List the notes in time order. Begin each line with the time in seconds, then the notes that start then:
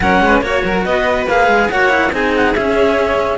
0.00 F#3 C#4 A#4 F#5
0.20 G#3 B4
0.40 A#3 F#4 C#5
0.64 F#3 A#4
0.85 B3 B4 D#5
1.26 A#3 G#4 F5
1.47 G#3
1.70 A#3 F#4 C#5 F#5
1.89 E4
2.12 C4 D#4 G#4 G#5
2.35 F#5
2.54 C#4 E5